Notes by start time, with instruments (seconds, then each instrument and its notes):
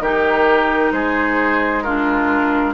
0.00 bassoon D#3, clarinet D#4, oboe G4, flute A#4
0.92 bassoon G#3, oboe G#4, flute C5
1.82 clarinet D4, oboe F4, flute A#4